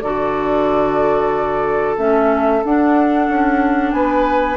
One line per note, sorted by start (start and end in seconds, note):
0.00 1.97 D3
0.00 1.97 F#4
0.00 3.94 A4
0.00 1.96 D5
1.97 2.62 A3
1.97 2.62 C#4
1.97 2.63 E5
2.64 4.57 D4
2.64 3.28 D4
2.64 3.92 F#5
3.28 3.92 C#4
3.92 4.57 B3
3.92 4.57 B4
3.92 4.57 G#5